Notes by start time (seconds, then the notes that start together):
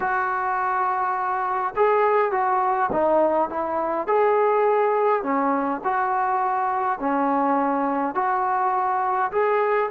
0.00 F#4
1.76 G#4
2.31 F#4
2.92 D#4
3.49 E4
4.07 G#4
5.23 C#4
5.84 F#4
6.99 C#4
8.14 F#4
9.31 G#4